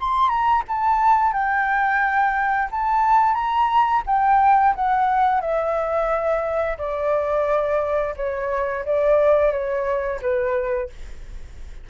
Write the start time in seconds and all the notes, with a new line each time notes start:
0.00 C6
0.29 A#5
0.68 A5
1.33 G5
2.71 A5
3.34 A#5
4.06 G5
4.75 F#5
5.41 E5
6.78 D5
8.16 C#5
8.85 D5
9.52 C#5
10.21 B4